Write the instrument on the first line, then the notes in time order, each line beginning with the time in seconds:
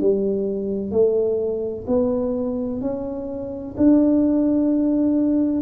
tuba
0.00 G3
0.91 A3
1.87 B3
2.81 C#4
3.77 D4